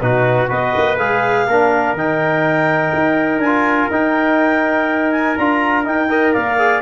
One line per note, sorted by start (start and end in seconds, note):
0.00 0.49 B2
0.00 0.47 D#4
0.00 0.49 F#4
0.00 0.49 B4
0.47 0.75 B3
0.47 0.96 F#4
0.47 1.46 B4
0.47 0.97 D#5
0.76 0.98 A#3
0.97 1.47 G#3
0.97 1.48 G#4
0.97 1.95 F5
1.47 1.93 A#3
1.47 1.97 D4
1.47 6.10 A#4
1.93 2.91 D#3
1.93 3.43 D#4
1.93 3.40 G5
2.93 3.38 D#4
3.38 3.87 D4
3.38 3.89 G#5
3.45 3.91 F4
3.90 5.36 D#4
3.90 5.37 D#4
3.90 5.11 G5
5.11 5.35 G#5
5.36 5.86 D4
5.36 5.84 F4
5.36 5.84 A#5
5.84 6.08 D#4
5.84 6.35 D#4
5.84 6.32 G5
6.08 6.57 A#4
6.08 6.33 D#5
6.32 6.81 A#3
6.32 6.81 D5
6.32 6.81 F5
6.58 6.81 G#4